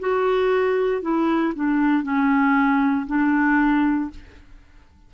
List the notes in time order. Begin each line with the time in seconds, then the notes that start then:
0.00 F#4
1.02 E4
1.55 D4
2.03 C#4
3.07 D4